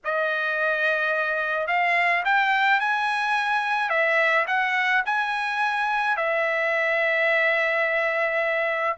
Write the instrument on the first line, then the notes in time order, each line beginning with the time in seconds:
trumpet
0.04 D#5
1.67 F5
2.24 G5
2.79 G#5
3.89 E5
4.47 F#5
5.05 G#5
6.16 E5